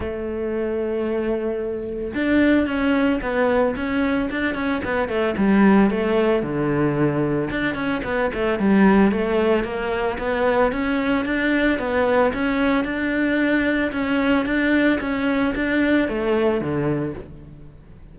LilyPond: \new Staff \with { instrumentName = "cello" } { \time 4/4 \tempo 4 = 112 a1 | d'4 cis'4 b4 cis'4 | d'8 cis'8 b8 a8 g4 a4 | d2 d'8 cis'8 b8 a8 |
g4 a4 ais4 b4 | cis'4 d'4 b4 cis'4 | d'2 cis'4 d'4 | cis'4 d'4 a4 d4 | }